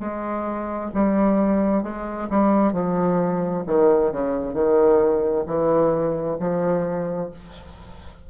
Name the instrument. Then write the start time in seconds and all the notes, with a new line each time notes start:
bassoon
0.00 G#3
0.95 G3
1.83 G#3
2.30 G3
2.73 F3
3.67 D#3
4.12 C#3
4.54 D#3
5.47 E3
6.40 F3